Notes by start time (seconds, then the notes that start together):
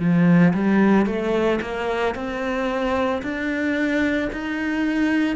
0.00 F3
0.54 G3
1.07 A3
1.61 A#3
2.15 C4
3.22 D4
4.32 D#4